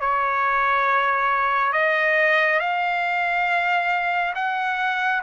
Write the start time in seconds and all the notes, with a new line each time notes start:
0.00 C#5
1.72 D#5
2.60 F5
4.35 F#5